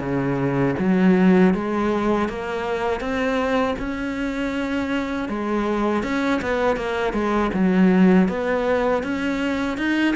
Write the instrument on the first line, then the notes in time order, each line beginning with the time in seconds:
cello
0.00 C#3
0.79 F#3
1.54 G#3
2.29 A#3
3.00 C4
3.79 C#4
5.29 G#3
6.03 C#4
6.42 B3
6.76 A#3
7.13 G#3
7.54 F#3
8.28 B3
9.03 C#4
9.77 D#4